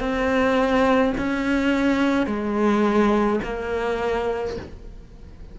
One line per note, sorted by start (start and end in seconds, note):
0.00 1.13 C4
1.18 2.26 C#4
2.26 3.40 G#3
3.44 4.57 A#3